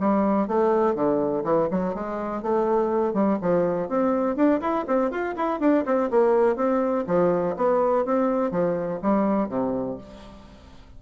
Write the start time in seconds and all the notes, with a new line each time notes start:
0.00 G3
0.48 A3
0.95 D3
1.44 E3
1.71 F#3
1.94 G#3
2.43 A3
3.14 G3
3.42 F3
3.89 C4
4.36 D4
4.61 E4
4.87 C4
5.11 F4
5.36 E4
5.60 D4
5.85 C4
6.10 A#3
6.56 C4
7.07 F3
7.57 B3
8.05 C4
8.51 F3
9.02 G3
9.49 C3